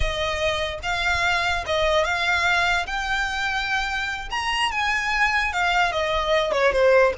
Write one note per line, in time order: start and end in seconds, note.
0.00 0.79 D#5
0.82 1.64 F5
1.66 2.04 D#5
2.04 2.86 F5
2.86 4.29 G5
4.30 4.71 A#5
4.71 5.52 G#5
5.52 5.92 F5
5.92 6.52 D#5
6.52 6.72 C#5
6.72 7.13 C5